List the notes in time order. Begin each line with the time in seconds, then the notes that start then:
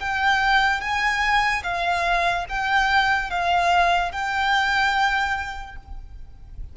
0.00 G5
0.81 G#5
1.64 F5
2.49 G5
3.30 F5
4.12 G5